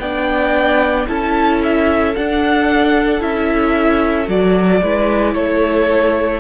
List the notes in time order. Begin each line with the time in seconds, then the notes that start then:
0.00 B3 D4 D5 G5
1.08 C#4 E4 A4 A5
1.63 E5
2.16 D4 F#5
3.20 C#4 E4 E5
4.25 F#3 F#4 D5
4.82 G#3 E4 B4
5.34 A3 A4 C#5